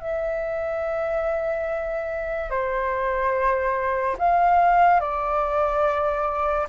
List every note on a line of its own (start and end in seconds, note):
0.00 2.50 E5
2.50 4.17 C5
4.19 5.00 F5
5.00 6.67 D5